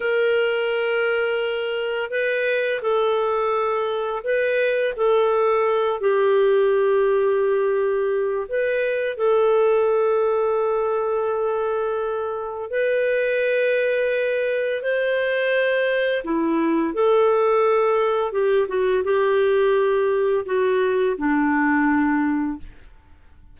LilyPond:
\new Staff \with { instrumentName = "clarinet" } { \time 4/4 \tempo 4 = 85 ais'2. b'4 | a'2 b'4 a'4~ | a'8 g'2.~ g'8 | b'4 a'2.~ |
a'2 b'2~ | b'4 c''2 e'4 | a'2 g'8 fis'8 g'4~ | g'4 fis'4 d'2 | }